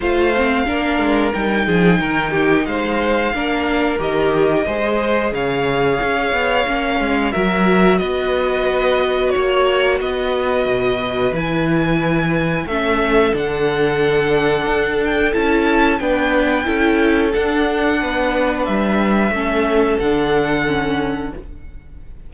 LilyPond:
<<
  \new Staff \with { instrumentName = "violin" } { \time 4/4 \tempo 4 = 90 f''2 g''2 | f''2 dis''2 | f''2. e''4 | dis''2 cis''4 dis''4~ |
dis''4 gis''2 e''4 | fis''2~ fis''8 g''8 a''4 | g''2 fis''2 | e''2 fis''2 | }
  \new Staff \with { instrumentName = "violin" } { \time 4/4 c''4 ais'4. gis'8 ais'8 g'8 | c''4 ais'2 c''4 | cis''2. ais'4 | b'2 cis''4 b'4~ |
b'2. a'4~ | a'1 | b'4 a'2 b'4~ | b'4 a'2. | }
  \new Staff \with { instrumentName = "viola" } { \time 4/4 f'8 c'8 d'4 dis'2~ | dis'4 d'4 g'4 gis'4~ | gis'2 cis'4 fis'4~ | fis'1~ |
fis'4 e'2 cis'4 | d'2. e'4 | d'4 e'4 d'2~ | d'4 cis'4 d'4 cis'4 | }
  \new Staff \with { instrumentName = "cello" } { \time 4/4 a4 ais8 gis8 g8 f8 dis4 | gis4 ais4 dis4 gis4 | cis4 cis'8 b8 ais8 gis8 fis4 | b2 ais4 b4 |
b,4 e2 a4 | d2 d'4 cis'4 | b4 cis'4 d'4 b4 | g4 a4 d2 | }
>>